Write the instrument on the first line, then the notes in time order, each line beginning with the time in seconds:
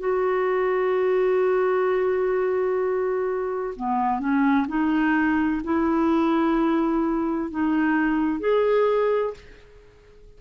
clarinet
0.00 F#4
3.77 B3
4.20 C#4
4.68 D#4
5.65 E4
7.51 D#4
8.40 G#4